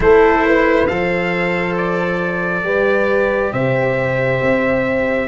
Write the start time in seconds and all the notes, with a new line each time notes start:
0.00 A3 E4 A4 C5
0.45 B4
0.86 F3 A4 C5 F5
1.77 D5
2.63 G3 G4 B4
3.52 C3 C5 E5
4.41 C4